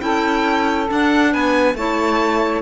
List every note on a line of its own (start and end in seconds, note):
0.00 0.89 C#4
0.00 0.88 E4
0.00 1.31 A4
0.00 0.88 G5
0.88 1.76 D4
0.88 1.34 D4
0.88 1.33 F#5
1.31 1.74 B3
1.31 1.75 B4
1.31 1.76 G#5
1.74 2.61 A3
1.74 2.61 E4
1.74 2.61 C#5
1.74 2.61 A5